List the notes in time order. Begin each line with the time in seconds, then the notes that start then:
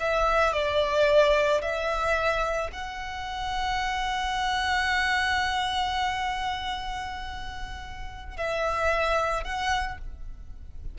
0.00 E5
0.53 D5
1.62 E5
2.72 F#5
8.37 E5
9.44 F#5